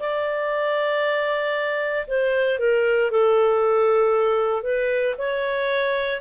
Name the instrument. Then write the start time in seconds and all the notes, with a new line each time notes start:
clarinet
0.00 D5
2.07 C5
2.59 A#4
3.11 A4
4.63 B4
5.18 C#5